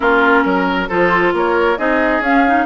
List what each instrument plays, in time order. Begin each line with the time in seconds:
0.00 bassoon A#3, clarinet C#4, oboe F4, flute A#4
0.44 bassoon F#3, oboe A#4
0.88 bassoon F3, clarinet F4, oboe A4, flute C5
1.33 bassoon A#3, oboe A#4, flute C#5
1.77 bassoon C4, clarinet D#4, oboe G#4, flute D#5
2.20 bassoon C#4, clarinet C#4, flute F5
2.46 clarinet D#4